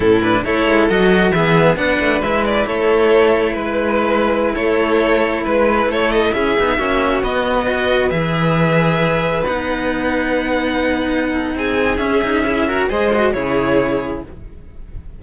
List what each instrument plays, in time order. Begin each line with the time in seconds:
0.00 cello A2 C#4, violin E4 A4
0.21 cello D4, violin B4
0.44 cello A3 E4, violin A4 C#5
0.66 cello G#3
0.89 cello F#3 F#4, violin D#5
1.30 cello E3 B3, violin G#4 E5
1.76 cello B3 D4, violin B4 F#5
1.99 cello A3
2.21 cello G#3 E4, violin E5
2.45 violin D5
2.66 cello A3, violin A4 C#5
3.52 cello G#3, violin B4
4.54 cello A3, violin A4 C#5
5.44 cello G#3, violin B4
5.86 cello A3, violin A4 C#5
6.11 violin D#5
6.32 cello C#4, violin G#4 E5
6.59 cello B3 D#4
6.77 cello A#3 C#4, violin F#4
7.22 cello B3, violin D#5
7.64 cello F#4, violin B4
8.10 cello E3 G#4, violin E5
9.44 cello B3 D#4, violin F#5
11.31 violin A4
11.55 cello C4, violin G#4 G#5
11.97 cello C#4, violin E5
12.22 cello D#4
12.46 cello E4
12.67 cello F#4, violin A#4
12.89 cello G#3 G#4, violin C5 D#5
13.13 cello F#4
13.32 cello C#3 E4, violin G#4 C#5